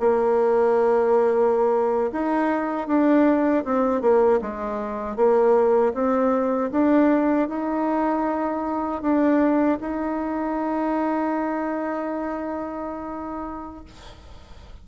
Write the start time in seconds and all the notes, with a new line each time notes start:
0.00 A#3
2.13 D#4
2.88 D4
3.65 C4
4.02 A#3
4.42 G#3
5.16 A#3
5.94 C4
6.72 D4
7.49 D#4
9.02 D4
9.81 D#4